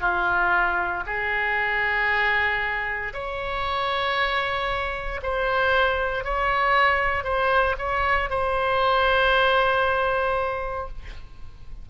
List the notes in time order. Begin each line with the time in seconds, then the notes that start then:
0.00 F4
1.06 G#4
3.13 C#5
5.22 C5
6.24 C#5
7.24 C5
7.78 C#5
8.29 C5